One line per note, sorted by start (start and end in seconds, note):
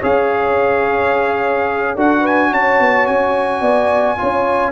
0.00 1.97 C#4
0.00 1.97 G#4
0.00 1.94 C#5
0.00 1.98 F5
1.95 2.52 D4
1.95 4.17 F#4
1.95 2.21 A4
1.95 2.27 F#5
2.21 2.49 B4
2.21 2.53 G#5
2.51 2.80 C#4
2.51 3.61 C#5
2.51 3.06 A5
2.80 3.08 B3
3.06 3.61 C#4
3.06 4.72 G#5
3.61 4.17 B3
3.61 4.17 D5
4.17 4.72 C#4
4.17 4.72 F4
4.17 4.72 C#5